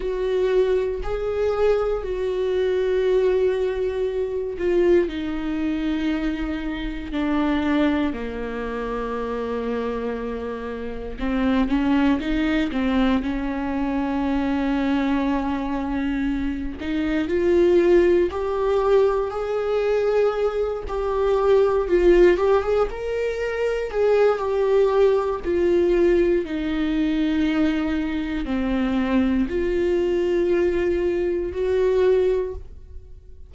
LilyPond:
\new Staff \with { instrumentName = "viola" } { \time 4/4 \tempo 4 = 59 fis'4 gis'4 fis'2~ | fis'8 f'8 dis'2 d'4 | ais2. c'8 cis'8 | dis'8 c'8 cis'2.~ |
cis'8 dis'8 f'4 g'4 gis'4~ | gis'8 g'4 f'8 g'16 gis'16 ais'4 gis'8 | g'4 f'4 dis'2 | c'4 f'2 fis'4 | }